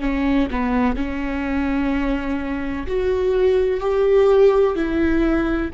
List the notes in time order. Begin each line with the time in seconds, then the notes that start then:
0.00 C#4
0.50 B3
0.96 C#4
2.87 F#4
3.80 G4
4.75 E4